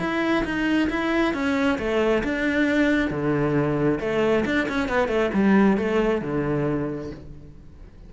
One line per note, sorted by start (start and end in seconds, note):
0.00 0.44 E4
0.45 0.90 D#4
0.91 1.34 E4
1.34 1.79 C#4
1.79 2.24 A3
2.24 3.11 D4
3.11 4.00 D3
4.01 4.45 A3
4.46 4.68 D4
4.69 4.89 C#4
4.89 5.09 B3
5.09 5.31 A3
5.34 5.78 G3
5.78 6.22 A3
6.22 7.11 D3